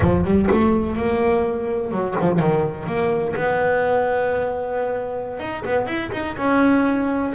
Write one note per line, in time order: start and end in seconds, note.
0.00 0.24 F3
0.24 0.48 G3
0.50 0.96 A3
0.96 1.91 A#3
1.91 2.15 F#3
2.20 2.39 F3
2.39 2.86 D#3
2.86 3.34 A#3
3.35 5.39 B3
5.39 5.63 D#4
5.65 5.86 B3
5.86 6.10 E4
6.12 6.36 D#4
6.37 7.33 C#4